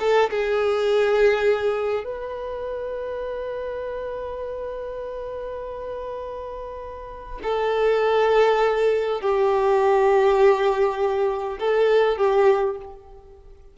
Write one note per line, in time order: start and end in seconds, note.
0.00 0.30 A4
0.30 2.04 G#4
2.04 7.39 B4
7.43 9.21 A4
9.21 11.59 G4
11.59 12.18 A4
12.18 12.77 G4